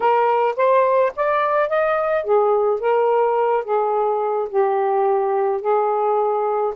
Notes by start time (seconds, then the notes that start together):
0.00 A#4
0.56 C5
1.15 D5
1.69 D#5
2.24 G#4
2.80 A#4
3.64 G#4
4.49 G4
5.61 G#4